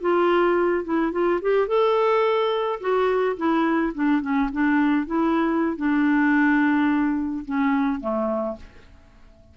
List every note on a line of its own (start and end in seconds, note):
0.00 0.84 F4
0.84 1.11 E4
1.11 1.39 F4
1.41 1.67 G4
1.67 2.79 A4
2.80 3.36 F#4
3.36 3.93 E4
3.94 4.21 D4
4.21 4.49 C#4
4.52 5.06 D4
5.06 5.76 E4
5.76 7.45 D4
7.45 8.00 C#4
8.00 8.56 A3